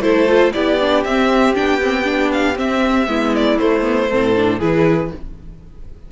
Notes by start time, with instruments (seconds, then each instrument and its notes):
0.00 cello A3, viola E4, violin A4 C5
0.27 viola F4
0.53 cello B3, viola E4, violin G4 D5
0.81 viola D4
1.04 cello C4, viola C4, violin E5
1.55 cello B3, viola D4, violin G5
1.81 viola C4
2.04 viola D4
2.32 violin F5
2.55 viola C4, cello C4, violin E5
3.08 cello G#3, viola B3, violin E4
3.35 violin D5
3.58 viola A3, cello A3, violin C5
3.81 viola B3
4.10 cello A2, viola C4, violin A4
4.36 viola D4
4.59 cello E3, viola E4, violin G#4 B4